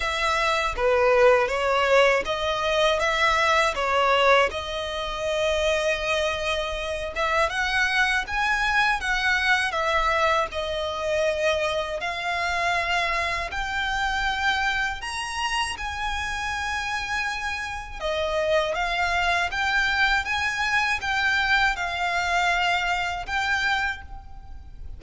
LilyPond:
\new Staff \with { instrumentName = "violin" } { \time 4/4 \tempo 4 = 80 e''4 b'4 cis''4 dis''4 | e''4 cis''4 dis''2~ | dis''4. e''8 fis''4 gis''4 | fis''4 e''4 dis''2 |
f''2 g''2 | ais''4 gis''2. | dis''4 f''4 g''4 gis''4 | g''4 f''2 g''4 | }